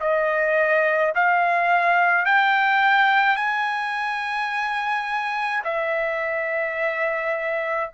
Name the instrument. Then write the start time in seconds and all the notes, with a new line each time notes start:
trumpet
0.00 D#5
1.15 F5
2.25 G5
3.36 G#5
5.64 E5